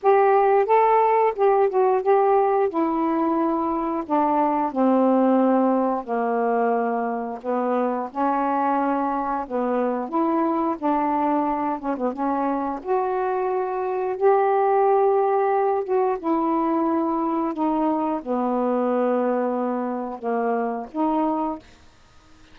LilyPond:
\new Staff \with { instrumentName = "saxophone" } { \time 4/4 \tempo 4 = 89 g'4 a'4 g'8 fis'8 g'4 | e'2 d'4 c'4~ | c'4 ais2 b4 | cis'2 b4 e'4 |
d'4. cis'16 b16 cis'4 fis'4~ | fis'4 g'2~ g'8 fis'8 | e'2 dis'4 b4~ | b2 ais4 dis'4 | }